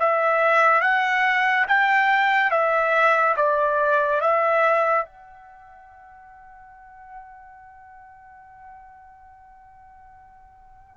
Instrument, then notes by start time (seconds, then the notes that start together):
trumpet
0.00 E5
0.81 F#5
1.67 G5
2.51 E5
3.36 D5
4.21 E5
5.05 F#5